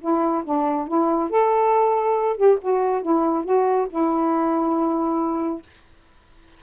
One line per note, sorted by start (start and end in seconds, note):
0.00 0.43 E4
0.44 0.87 D4
0.87 1.30 E4
1.30 2.36 A4
2.36 2.58 G4
2.61 3.02 F#4
3.02 3.44 E4
3.44 3.87 F#4
3.89 5.62 E4